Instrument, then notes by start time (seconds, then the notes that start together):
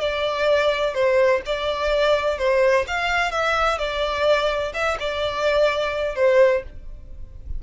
violin
0.00 D5
0.94 C5
1.46 D5
2.38 C5
2.87 F5
3.31 E5
3.78 D5
4.74 E5
4.99 D5
6.15 C5